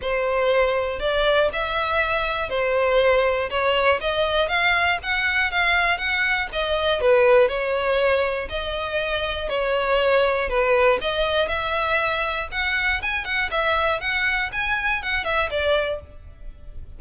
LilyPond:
\new Staff \with { instrumentName = "violin" } { \time 4/4 \tempo 4 = 120 c''2 d''4 e''4~ | e''4 c''2 cis''4 | dis''4 f''4 fis''4 f''4 | fis''4 dis''4 b'4 cis''4~ |
cis''4 dis''2 cis''4~ | cis''4 b'4 dis''4 e''4~ | e''4 fis''4 gis''8 fis''8 e''4 | fis''4 gis''4 fis''8 e''8 d''4 | }